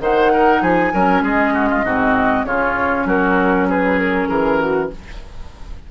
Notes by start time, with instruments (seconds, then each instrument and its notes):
0.00 bassoon D#3, clarinet D#4, oboe C5, flute F#5
0.33 oboe A#4
0.61 bassoon F3, oboe G#4, flute G#5
0.94 bassoon F#3, clarinet C#4, oboe A#4
1.22 bassoon G#3, oboe G#4, flute D#5
1.53 oboe F#4
1.70 oboe F4
1.85 bassoon G#2, clarinet C4, oboe F#4
2.44 bassoon C#3, clarinet C#4, oboe F4, flute C#5
3.05 bassoon F#3, oboe F#4, flute A#4
3.69 oboe G#4, flute B4
3.99 flute A#4
4.29 bassoon E3, flute G#4, oboe A#4
4.59 flute F#4